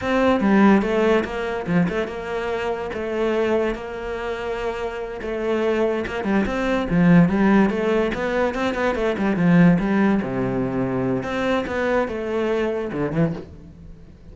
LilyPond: \new Staff \with { instrumentName = "cello" } { \time 4/4 \tempo 4 = 144 c'4 g4 a4 ais4 | f8 a8 ais2 a4~ | a4 ais2.~ | ais8 a2 ais8 g8 c'8~ |
c'8 f4 g4 a4 b8~ | b8 c'8 b8 a8 g8 f4 g8~ | g8 c2~ c8 c'4 | b4 a2 d8 e8 | }